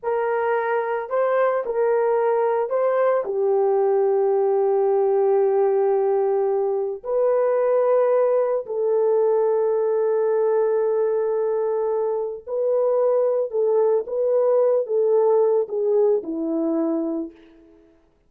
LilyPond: \new Staff \with { instrumentName = "horn" } { \time 4/4 \tempo 4 = 111 ais'2 c''4 ais'4~ | ais'4 c''4 g'2~ | g'1~ | g'4 b'2. |
a'1~ | a'2. b'4~ | b'4 a'4 b'4. a'8~ | a'4 gis'4 e'2 | }